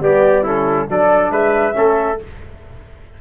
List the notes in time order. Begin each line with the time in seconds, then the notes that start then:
0.00 G3 B3 G4 D5
0.43 C#4 E4 A4
0.89 F#3 D4 A4 D5
1.30 G#3 B4 E5
1.73 A3 C#4 A4